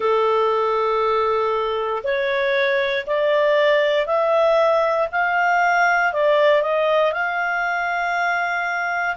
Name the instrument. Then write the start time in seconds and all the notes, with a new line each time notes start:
clarinet
0.00 A4
2.03 C#5
3.06 D5
4.06 E5
5.11 F5
6.12 D5
6.61 D#5
7.12 F5